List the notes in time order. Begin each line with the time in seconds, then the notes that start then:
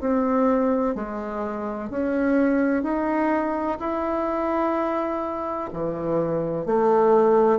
0.00 C4
0.95 G#3
1.90 C#4
2.83 D#4
3.79 E4
5.73 E3
6.66 A3